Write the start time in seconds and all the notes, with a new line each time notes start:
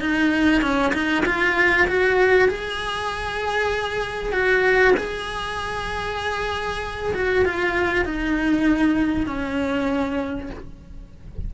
0.00 D#4
0.62 C#4
0.93 D#4
1.25 F4
1.88 F#4
2.48 G#4
4.32 F#4
4.97 G#4
7.14 F#4
7.45 F4
8.05 D#4
9.26 C#4